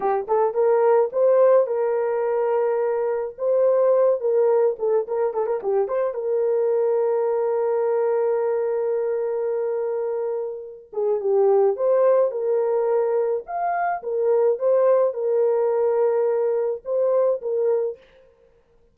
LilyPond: \new Staff \with { instrumentName = "horn" } { \time 4/4 \tempo 4 = 107 g'8 a'8 ais'4 c''4 ais'4~ | ais'2 c''4. ais'8~ | ais'8 a'8 ais'8 a'16 ais'16 g'8 c''8 ais'4~ | ais'1~ |
ais'2.~ ais'8 gis'8 | g'4 c''4 ais'2 | f''4 ais'4 c''4 ais'4~ | ais'2 c''4 ais'4 | }